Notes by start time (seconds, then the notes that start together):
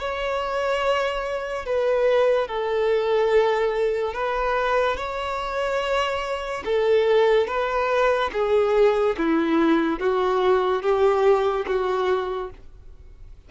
0.00 C#5
1.66 B4
2.48 A4
4.14 B4
4.97 C#5
6.65 A4
7.47 B4
8.33 G#4
9.18 E4
10.00 F#4
10.83 G4
11.67 F#4